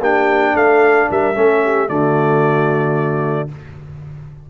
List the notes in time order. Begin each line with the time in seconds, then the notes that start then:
0.00 A#3 D4 G4 G5
0.55 A3 A4 F5
1.10 G3 A#4 E5
1.35 A3 C#4 A4
1.64 G4
1.89 D3 A3 F#4 D5